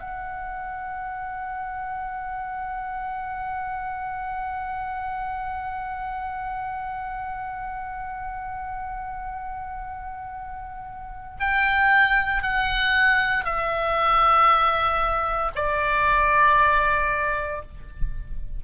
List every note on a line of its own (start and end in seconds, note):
0.00 11.38 F#5
11.40 12.42 G5
12.42 13.44 F#5
13.44 15.51 E5
15.55 17.62 D5